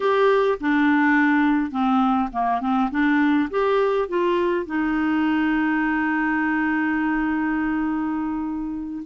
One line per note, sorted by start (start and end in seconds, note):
0.00 0.58 G4
0.60 1.71 D4
1.71 2.29 C4
2.32 2.61 A#3
2.61 2.90 C4
2.90 3.49 D4
3.50 4.08 G4
4.08 4.66 F4
4.66 9.03 D#4